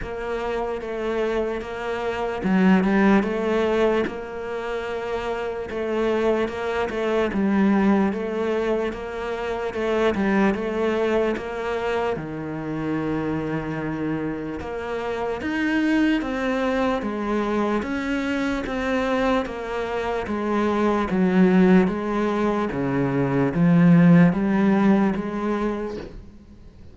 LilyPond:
\new Staff \with { instrumentName = "cello" } { \time 4/4 \tempo 4 = 74 ais4 a4 ais4 fis8 g8 | a4 ais2 a4 | ais8 a8 g4 a4 ais4 | a8 g8 a4 ais4 dis4~ |
dis2 ais4 dis'4 | c'4 gis4 cis'4 c'4 | ais4 gis4 fis4 gis4 | cis4 f4 g4 gis4 | }